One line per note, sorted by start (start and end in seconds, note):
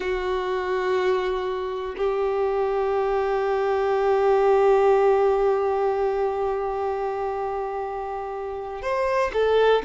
0.00 1.95 F#4
1.97 8.82 G4
8.82 9.31 C5
9.33 9.82 A4